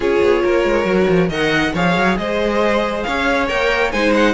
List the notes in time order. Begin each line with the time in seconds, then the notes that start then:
0.00 C#4 F4 G#4 C#5
0.21 B3
0.43 A#3 A#4
0.64 G#3
0.84 F#3 F#4
1.08 F3
1.29 D#3 A#4 D#5 F#5
1.74 F3 G#4 C#5 F5
1.96 F#3
2.17 G#3 C5 D#5
3.02 C#4 C#5 F5
3.48 A#3 A#4 G5
3.91 G#3 D#4 C5 G#5
4.14 F#5